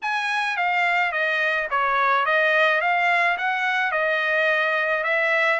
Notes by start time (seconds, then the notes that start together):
0.02 G#5
0.56 F5
1.12 D#5
1.70 C#5
2.25 D#5
2.81 F5
3.37 F#5
3.91 D#5
5.03 E5